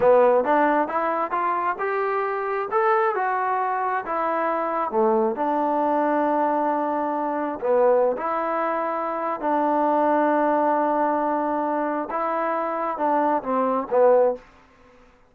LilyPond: \new Staff \with { instrumentName = "trombone" } { \time 4/4 \tempo 4 = 134 b4 d'4 e'4 f'4 | g'2 a'4 fis'4~ | fis'4 e'2 a4 | d'1~ |
d'4 b4~ b16 e'4.~ e'16~ | e'4 d'2.~ | d'2. e'4~ | e'4 d'4 c'4 b4 | }